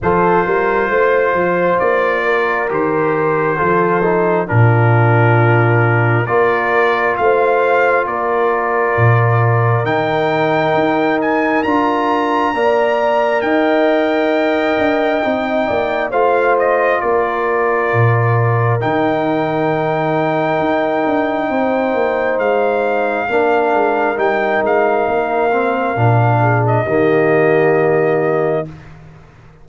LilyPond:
<<
  \new Staff \with { instrumentName = "trumpet" } { \time 4/4 \tempo 4 = 67 c''2 d''4 c''4~ | c''4 ais'2 d''4 | f''4 d''2 g''4~ | g''8 gis''8 ais''2 g''4~ |
g''2 f''8 dis''8 d''4~ | d''4 g''2.~ | g''4 f''2 g''8 f''8~ | f''4.~ f''16 dis''2~ dis''16 | }
  \new Staff \with { instrumentName = "horn" } { \time 4/4 a'8 ais'8 c''4. ais'4. | a'4 f'2 ais'4 | c''4 ais'2.~ | ais'2 d''4 dis''4~ |
dis''4. d''8 c''4 ais'4~ | ais'1 | c''2 ais'2~ | ais'4. gis'8 g'2 | }
  \new Staff \with { instrumentName = "trombone" } { \time 4/4 f'2. g'4 | f'8 dis'8 d'2 f'4~ | f'2. dis'4~ | dis'4 f'4 ais'2~ |
ais'4 dis'4 f'2~ | f'4 dis'2.~ | dis'2 d'4 dis'4~ | dis'8 c'8 d'4 ais2 | }
  \new Staff \with { instrumentName = "tuba" } { \time 4/4 f8 g8 a8 f8 ais4 dis4 | f4 ais,2 ais4 | a4 ais4 ais,4 dis4 | dis'4 d'4 ais4 dis'4~ |
dis'8 d'8 c'8 ais8 a4 ais4 | ais,4 dis2 dis'8 d'8 | c'8 ais8 gis4 ais8 gis8 g8 gis8 | ais4 ais,4 dis2 | }
>>